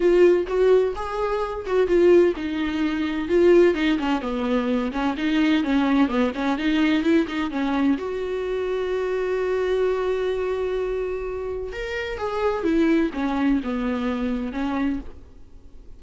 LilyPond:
\new Staff \with { instrumentName = "viola" } { \time 4/4 \tempo 4 = 128 f'4 fis'4 gis'4. fis'8 | f'4 dis'2 f'4 | dis'8 cis'8 b4. cis'8 dis'4 | cis'4 b8 cis'8 dis'4 e'8 dis'8 |
cis'4 fis'2.~ | fis'1~ | fis'4 ais'4 gis'4 e'4 | cis'4 b2 cis'4 | }